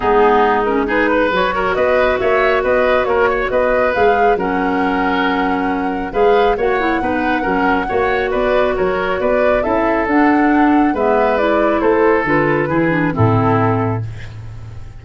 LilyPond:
<<
  \new Staff \with { instrumentName = "flute" } { \time 4/4 \tempo 4 = 137 gis'4. ais'8 b'4 cis''4 | dis''4 e''4 dis''4 cis''4 | dis''4 f''4 fis''2~ | fis''2 f''4 fis''4~ |
fis''2. d''4 | cis''4 d''4 e''4 fis''4~ | fis''4 e''4 d''4 c''4 | b'2 a'2 | }
  \new Staff \with { instrumentName = "oboe" } { \time 4/4 dis'2 gis'8 b'4 ais'8 | b'4 cis''4 b'4 ais'8 cis''8 | b'2 ais'2~ | ais'2 b'4 cis''4 |
b'4 ais'4 cis''4 b'4 | ais'4 b'4 a'2~ | a'4 b'2 a'4~ | a'4 gis'4 e'2 | }
  \new Staff \with { instrumentName = "clarinet" } { \time 4/4 b4. cis'8 dis'4 fis'4~ | fis'1~ | fis'4 gis'4 cis'2~ | cis'2 gis'4 fis'8 e'8 |
dis'4 cis'4 fis'2~ | fis'2 e'4 d'4~ | d'4 b4 e'2 | f'4 e'8 d'8 c'2 | }
  \new Staff \with { instrumentName = "tuba" } { \time 4/4 gis2. fis4 | b4 ais4 b4 ais4 | b4 gis4 fis2~ | fis2 gis4 ais4 |
b4 fis4 ais4 b4 | fis4 b4 cis'4 d'4~ | d'4 gis2 a4 | d4 e4 a,2 | }
>>